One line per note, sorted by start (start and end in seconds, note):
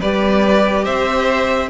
0.00 0.86 G3
0.00 1.70 G4
0.00 0.84 B4
0.00 0.84 D5
0.84 1.70 C4
0.84 1.69 C5
0.84 1.69 E5